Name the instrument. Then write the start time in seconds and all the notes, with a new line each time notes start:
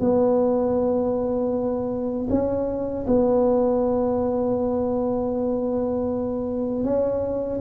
tuba
0.00 B3
2.30 C#4
3.07 B3
6.84 C#4